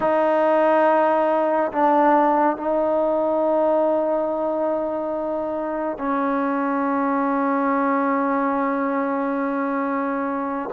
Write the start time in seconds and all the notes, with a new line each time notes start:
0.00 D#4
1.71 D4
2.56 D#4
5.98 C#4